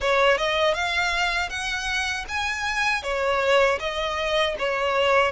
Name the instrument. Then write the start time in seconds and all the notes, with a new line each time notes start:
violin
0.00 C#5
0.37 D#5
0.74 F5
1.49 F#5
2.28 G#5
3.02 C#5
3.79 D#5
4.58 C#5